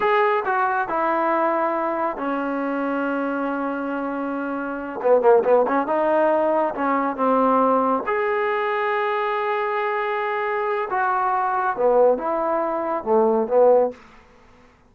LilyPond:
\new Staff \with { instrumentName = "trombone" } { \time 4/4 \tempo 4 = 138 gis'4 fis'4 e'2~ | e'4 cis'2.~ | cis'2.~ cis'8 b8 | ais8 b8 cis'8 dis'2 cis'8~ |
cis'8 c'2 gis'4.~ | gis'1~ | gis'4 fis'2 b4 | e'2 a4 b4 | }